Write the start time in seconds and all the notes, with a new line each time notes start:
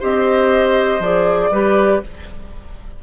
0.00 C4 G4 C5 D#5
1.00 F3 G#4 D5
1.51 G3 G4 B4